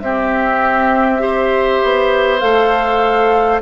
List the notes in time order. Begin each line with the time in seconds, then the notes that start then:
0.00 C4 G4 E5
1.19 G4 C5
1.83 B3
2.39 A3 A4 F5